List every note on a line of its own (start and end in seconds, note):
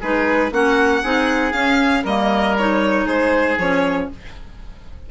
0.00 0.51 G#3
0.00 0.51 D#4
0.00 0.51 G#4
0.00 0.53 B4
0.51 1.02 A#3
0.51 1.02 C#4
0.51 1.03 F#4
0.51 1.52 F#5
1.03 1.53 C4
1.03 1.53 D#4
1.03 2.03 G#4
1.52 2.04 C#4
1.52 2.03 F5
2.03 3.06 G3
2.03 2.57 A#3
2.03 3.05 A#4
2.03 2.57 D#5
2.57 3.60 D#4
2.57 3.07 C#5
3.06 3.58 G#3
3.06 4.07 G#4
3.06 3.58 C5
3.58 4.09 F3
3.58 4.11 C#4
3.58 4.10 C#5